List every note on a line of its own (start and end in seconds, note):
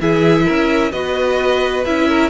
0.00 0.47 E3
0.00 0.92 E4
0.00 0.45 G#4
0.00 0.92 E5
0.45 0.92 C#4
0.45 0.92 A#4
0.92 1.85 B3
0.92 1.85 F#4
0.92 2.08 B4
0.92 1.84 D#5
1.85 2.30 C#4
1.85 2.30 E4
1.85 2.30 E5
2.08 2.30 A#4